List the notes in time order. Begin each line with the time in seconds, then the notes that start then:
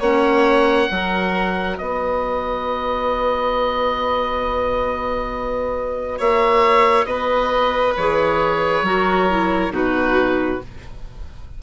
0.00 A#3 C#4 C#5 F#5
0.89 F#3 F#4 A#4
1.78 B3 B4 D#5
6.18 A#3 C#5 E5
7.05 B3 B4 D#5
7.97 E3 G#4 C#5
8.82 F#3 F#4 A#4
9.30 E4
9.70 B2 D#4 F#4 B4